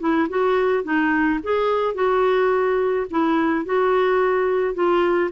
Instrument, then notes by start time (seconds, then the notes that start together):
clarinet
0.00 E4
0.29 F#4
0.83 D#4
1.43 G#4
1.94 F#4
3.10 E4
3.65 F#4
4.74 F4